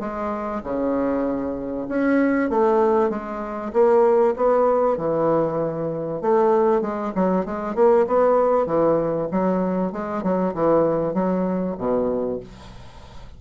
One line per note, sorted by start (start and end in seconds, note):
0.00 0.62 G#3
0.63 1.87 C#3
1.89 2.50 C#4
2.50 3.10 A3
3.10 3.72 G#3
3.73 4.35 A#3
4.36 4.98 B3
4.98 6.21 E3
6.22 6.82 A3
6.82 7.12 G#3
7.15 7.46 F#3
7.46 7.75 G#3
7.75 8.06 A#3
8.07 8.66 B3
8.66 9.28 E3
9.31 9.93 F#3
9.93 10.23 G#3
10.23 10.54 F#3
10.54 11.14 E3
11.14 11.76 F#3
11.78 12.40 B2